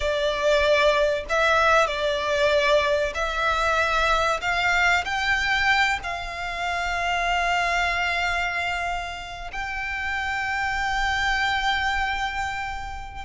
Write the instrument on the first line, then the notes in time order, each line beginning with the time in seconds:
violin
0.00 D5
1.29 E5
1.86 D5
3.14 E5
4.41 F5
5.04 G5
6.03 F5
9.52 G5